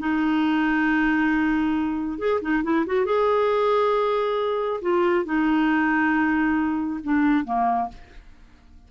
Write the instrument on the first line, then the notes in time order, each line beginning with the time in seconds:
clarinet
0.00 D#4
2.19 G#4
2.42 D#4
2.64 E4
2.87 F#4
3.06 G#4
4.82 F4
5.26 D#4
7.04 D4
7.45 A#3